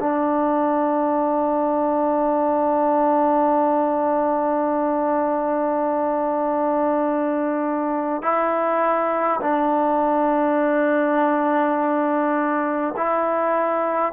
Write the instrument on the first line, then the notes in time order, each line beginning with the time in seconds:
trombone
0.00 D4
8.23 E4
9.42 D4
12.97 E4